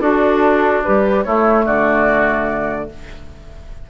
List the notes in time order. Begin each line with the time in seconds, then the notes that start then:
0.00 D4 F#4 A4
0.84 G3 G4 B4
1.24 A3 E4 C#5
1.65 D3 F#4 D5